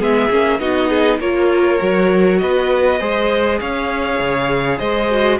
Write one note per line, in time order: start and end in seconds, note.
0.00 0.30 G#3
0.00 0.30 B3
0.00 0.60 G#4
0.00 0.60 E5
0.30 0.59 A#3
0.30 0.60 C#4
0.59 1.19 B3
0.59 1.20 D#4
0.59 0.89 F#4
0.59 1.20 D#5
0.89 1.19 G#4
1.19 1.79 A#3
1.19 1.79 F4
1.19 2.40 A#4
1.19 2.39 C#5
1.79 2.42 F#3
1.79 2.99 F#4
2.39 3.01 B3
2.39 3.00 B4
2.39 3.59 D#5
3.00 3.61 G#3
3.00 5.10 G#4
3.00 3.60 C5
3.60 4.20 C#4
3.60 4.79 C#5
3.60 4.79 F5
4.20 4.80 C#3
4.79 5.40 G#3
4.79 5.39 C5
4.79 5.39 D#5
5.10 5.40 F#4